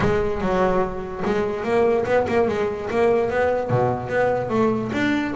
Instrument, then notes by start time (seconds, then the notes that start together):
double bass
0.00 G#3
0.41 F#3
1.25 G#3
1.63 A#3
2.05 B3
2.28 A#3
2.48 G#3
2.90 A#3
3.30 B3
3.70 B2
4.09 B3
4.49 A3
4.92 D4